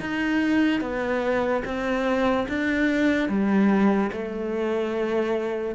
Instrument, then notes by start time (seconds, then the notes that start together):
cello
0.00 D#4
0.81 B3
1.65 C4
2.48 D4
3.29 G3
4.12 A3